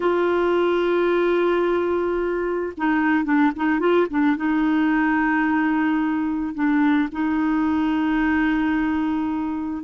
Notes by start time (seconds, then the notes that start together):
0.00 F4
2.77 D#4
3.24 D4
3.56 D#4
3.79 F4
4.10 D4
4.36 D#4
6.54 D4
7.12 D#4